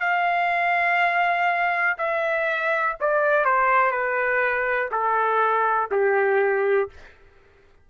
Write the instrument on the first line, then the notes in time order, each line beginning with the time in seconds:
trumpet
0.00 F5
1.98 E5
3.00 D5
3.45 C5
3.91 B4
4.91 A4
5.92 G4